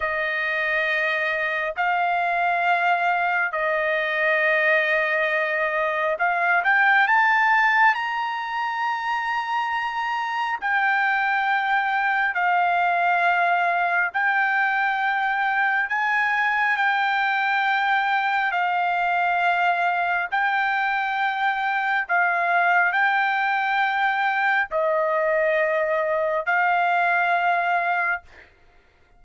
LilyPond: \new Staff \with { instrumentName = "trumpet" } { \time 4/4 \tempo 4 = 68 dis''2 f''2 | dis''2. f''8 g''8 | a''4 ais''2. | g''2 f''2 |
g''2 gis''4 g''4~ | g''4 f''2 g''4~ | g''4 f''4 g''2 | dis''2 f''2 | }